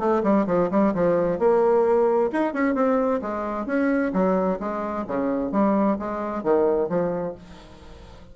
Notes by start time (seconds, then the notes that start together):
0.00 A3
0.24 G3
0.47 F3
0.71 G3
0.95 F3
1.40 A#3
2.33 D#4
2.54 C#4
2.75 C4
3.22 G#3
3.67 C#4
4.14 F#3
4.60 G#3
5.08 C#3
5.52 G3
6.00 G#3
6.44 D#3
6.89 F3